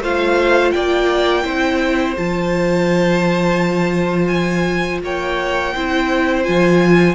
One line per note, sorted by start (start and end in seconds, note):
0.00 0.71 A3
0.00 1.44 F4
0.00 0.73 C5
0.00 0.71 F5
0.71 1.45 A#3
0.71 1.44 D5
0.71 2.14 G5
1.44 2.16 C4
1.44 2.15 E4
1.44 5.01 C5
2.17 5.03 F3
2.17 5.75 F4
2.17 4.27 A5
4.27 4.99 G#5
5.03 5.74 A#3
5.03 5.74 C#5
5.03 6.44 G5
5.74 6.47 C4
5.74 6.44 E4
5.74 7.15 C5
6.44 7.15 F3
6.44 7.15 F4
6.44 7.15 G#5